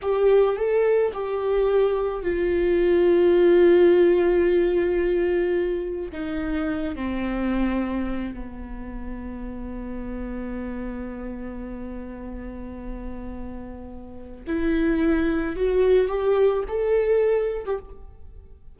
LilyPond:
\new Staff \with { instrumentName = "viola" } { \time 4/4 \tempo 4 = 108 g'4 a'4 g'2 | f'1~ | f'2. dis'4~ | dis'8 c'2~ c'8 b4~ |
b1~ | b1~ | b2 e'2 | fis'4 g'4 a'4.~ a'16 g'16 | }